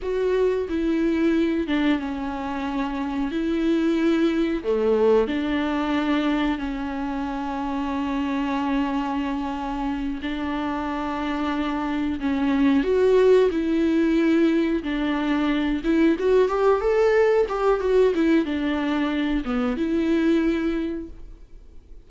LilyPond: \new Staff \with { instrumentName = "viola" } { \time 4/4 \tempo 4 = 91 fis'4 e'4. d'8 cis'4~ | cis'4 e'2 a4 | d'2 cis'2~ | cis'2.~ cis'8 d'8~ |
d'2~ d'8 cis'4 fis'8~ | fis'8 e'2 d'4. | e'8 fis'8 g'8 a'4 g'8 fis'8 e'8 | d'4. b8 e'2 | }